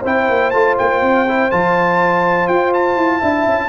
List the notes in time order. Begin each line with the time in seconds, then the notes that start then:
0.00 C4 E4 C5
0.06 G5
0.29 A#3
0.51 A3 F4 A5
0.78 A#3 G5
1.01 C4
1.28 E4
1.51 F3 F4 A5
2.48 F4 G5
2.74 A5
2.96 E4
3.19 D4 E4 E5
3.46 C#4